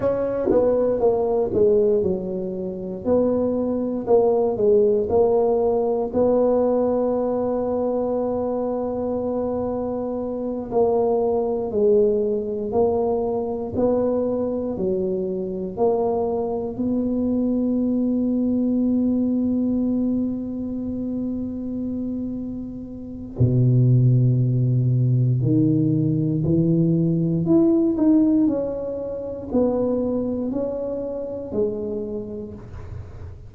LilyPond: \new Staff \with { instrumentName = "tuba" } { \time 4/4 \tempo 4 = 59 cis'8 b8 ais8 gis8 fis4 b4 | ais8 gis8 ais4 b2~ | b2~ b8 ais4 gis8~ | gis8 ais4 b4 fis4 ais8~ |
ais8 b2.~ b8~ | b2. b,4~ | b,4 dis4 e4 e'8 dis'8 | cis'4 b4 cis'4 gis4 | }